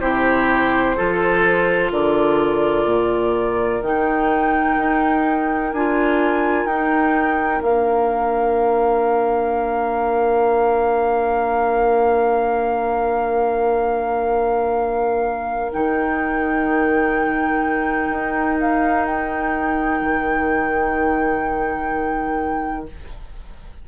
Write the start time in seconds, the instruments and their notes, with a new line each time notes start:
0.00 bassoon C3, clarinet E4, oboe G4, flute C5
0.96 bassoon F3, clarinet F4, oboe A4
1.91 bassoon D3, oboe A#4, flute D5
2.85 bassoon A#2
3.81 bassoon D#3, clarinet D#4, flute G5
4.77 bassoon D#4
5.72 bassoon D4, clarinet F4, flute G#5
6.65 bassoon D#4, clarinet D#4, flute G5
7.62 bassoon A#3, clarinet D4, flute F5
15.72 bassoon D#3, clarinet D#4, flute G5
18.10 bassoon D#4
18.60 flute F5
19.05 flute G5
20.01 bassoon D#3